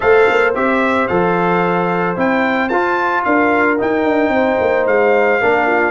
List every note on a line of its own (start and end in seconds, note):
0.00 0.28 A3
0.00 0.54 A4
0.00 3.23 C5
0.00 0.53 F5
0.29 0.55 A#3
0.55 1.09 C4
0.55 1.09 G4
0.55 1.07 E5
1.07 2.16 F3
1.07 2.16 A4
1.07 2.15 F5
2.16 2.70 C4
2.16 2.70 E4
2.16 2.69 G5
2.69 3.24 F4
2.69 3.77 F4
2.69 3.23 A5
3.24 3.79 D4
3.24 4.33 A#4
3.24 3.78 F5
3.77 5.40 D#4
3.77 4.04 D#4
3.77 4.86 G5
4.04 4.28 D4
4.28 4.56 C4
4.28 5.41 C5
4.60 4.86 A#3
4.86 5.40 G#3
4.86 5.91 F5
5.40 5.91 A#3
5.40 5.91 D4
5.40 5.66 A#4
5.66 5.91 F4